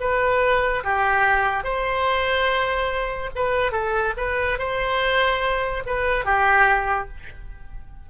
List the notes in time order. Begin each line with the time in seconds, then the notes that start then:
0.00 B4
0.84 G4
1.64 C5
3.35 B4
3.72 A4
4.17 B4
4.58 C5
5.86 B4
6.25 G4